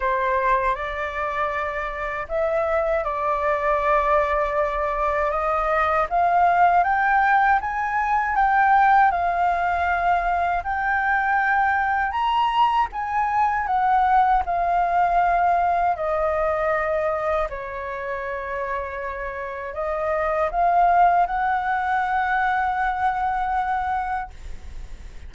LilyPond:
\new Staff \with { instrumentName = "flute" } { \time 4/4 \tempo 4 = 79 c''4 d''2 e''4 | d''2. dis''4 | f''4 g''4 gis''4 g''4 | f''2 g''2 |
ais''4 gis''4 fis''4 f''4~ | f''4 dis''2 cis''4~ | cis''2 dis''4 f''4 | fis''1 | }